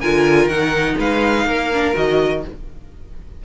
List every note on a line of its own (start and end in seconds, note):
0.00 0.47 D3
0.00 0.51 F4
0.00 0.96 A#4
0.00 0.48 G#5
0.47 0.95 D#3
0.47 1.72 D#4
0.47 0.97 F#5
0.98 1.45 G#3
0.98 1.46 B4
0.98 1.96 F5
1.45 1.93 A#3
1.45 2.43 A#4
1.74 1.95 D4
1.95 2.44 D#3
1.95 2.43 F#4
1.95 2.45 D#5